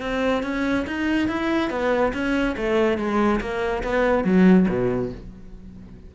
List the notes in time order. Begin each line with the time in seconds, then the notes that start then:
0.00 C4
0.43 C#4
0.87 D#4
1.28 E4
1.70 B3
2.13 C#4
2.56 A3
2.97 G#3
3.40 A#3
3.83 B3
4.24 F#3
4.68 B2